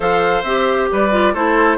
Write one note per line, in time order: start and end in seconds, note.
0.00 0.41 F3
0.00 0.44 A4
0.00 0.89 C5
0.00 0.43 F5
0.43 0.88 C4
0.43 1.11 G4
0.43 0.88 E5
0.91 1.34 G3
0.91 1.33 B4
0.91 1.34 D5
1.11 1.33 F4
1.33 1.77 A3
1.33 1.77 E4
1.33 1.77 A4
1.33 1.77 C5